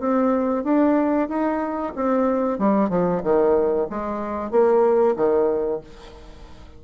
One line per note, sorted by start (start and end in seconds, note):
0.00 0.65 C4
0.65 1.29 D4
1.29 1.94 D#4
1.96 2.59 C4
2.59 2.90 G3
2.90 3.22 F3
3.24 3.88 D#3
3.90 4.51 G#3
4.51 5.16 A#3
5.17 5.81 D#3